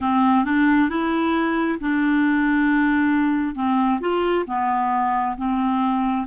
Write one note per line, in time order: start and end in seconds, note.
0.00 0.44 C4
0.44 0.89 D4
0.89 1.79 E4
1.80 3.55 D4
3.55 4.00 C4
4.00 4.45 F4
4.47 5.36 B3
5.37 6.26 C4